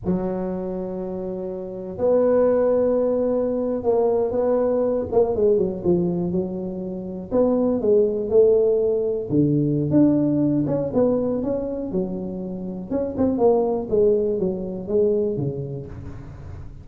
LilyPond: \new Staff \with { instrumentName = "tuba" } { \time 4/4 \tempo 4 = 121 fis1 | b2.~ b8. ais16~ | ais8. b4. ais8 gis8 fis8 f16~ | f8. fis2 b4 gis16~ |
gis8. a2 d4~ d16 | d'4. cis'8 b4 cis'4 | fis2 cis'8 c'8 ais4 | gis4 fis4 gis4 cis4 | }